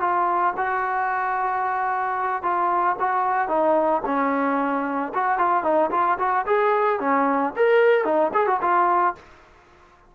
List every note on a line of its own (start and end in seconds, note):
0.00 0.54 F4
0.56 2.42 F#4
2.42 2.96 F4
2.99 3.48 F#4
3.48 4.02 D#4
4.05 5.12 C#4
5.14 5.38 F#4
5.38 5.63 F4
5.63 5.90 D#4
5.91 6.18 F4
6.19 6.45 F#4
6.46 6.99 G#4
7.00 7.53 C#4
7.56 8.05 A#4
8.05 8.31 D#4
8.33 8.46 G#4
8.46 8.60 F#4
8.61 9.15 F4